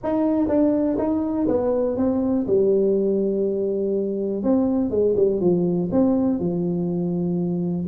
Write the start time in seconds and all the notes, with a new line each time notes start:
0.03 D#4
0.48 D4
0.98 D#4
1.47 B3
1.96 C4
2.47 G3
4.43 C4
4.90 G#3
5.16 G3
5.40 F3
5.91 C4
6.39 F3